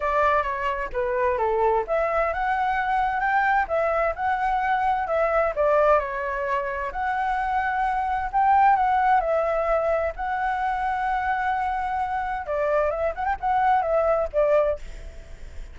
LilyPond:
\new Staff \with { instrumentName = "flute" } { \time 4/4 \tempo 4 = 130 d''4 cis''4 b'4 a'4 | e''4 fis''2 g''4 | e''4 fis''2 e''4 | d''4 cis''2 fis''4~ |
fis''2 g''4 fis''4 | e''2 fis''2~ | fis''2. d''4 | e''8 fis''16 g''16 fis''4 e''4 d''4 | }